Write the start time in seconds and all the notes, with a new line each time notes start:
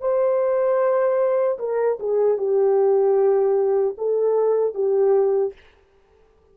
0.00 C5
1.59 A#4
1.99 G#4
2.37 G4
3.97 A4
4.74 G4